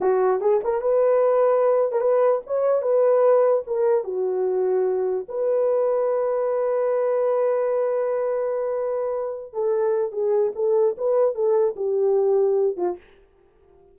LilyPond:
\new Staff \with { instrumentName = "horn" } { \time 4/4 \tempo 4 = 148 fis'4 gis'8 ais'8 b'2~ | b'8. ais'16 b'4 cis''4 b'4~ | b'4 ais'4 fis'2~ | fis'4 b'2.~ |
b'1~ | b'2.~ b'8 a'8~ | a'4 gis'4 a'4 b'4 | a'4 g'2~ g'8 f'8 | }